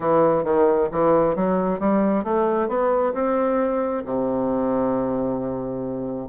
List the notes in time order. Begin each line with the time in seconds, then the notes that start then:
0.00 E3
0.44 D#3
0.91 E3
1.35 F#3
1.79 G3
2.24 A3
2.68 B3
3.13 C4
4.05 C3